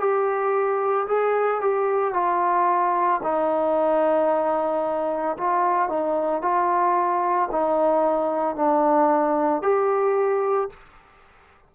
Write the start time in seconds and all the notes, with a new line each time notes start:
0.00 G4
1.08 G#4
1.61 G4
2.14 F4
3.23 D#4
5.38 F4
5.90 D#4
6.42 F4
7.51 D#4
8.56 D4
9.63 G4